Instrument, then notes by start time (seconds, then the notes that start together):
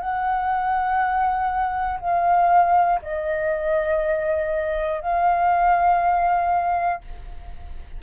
flute
0.00 F#5
2.00 F5
3.02 D#5
5.01 F5